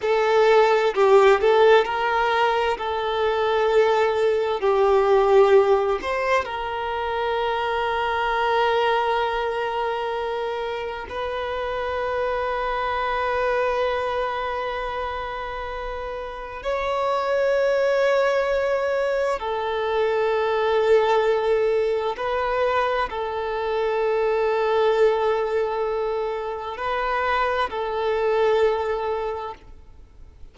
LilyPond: \new Staff \with { instrumentName = "violin" } { \time 4/4 \tempo 4 = 65 a'4 g'8 a'8 ais'4 a'4~ | a'4 g'4. c''8 ais'4~ | ais'1 | b'1~ |
b'2 cis''2~ | cis''4 a'2. | b'4 a'2.~ | a'4 b'4 a'2 | }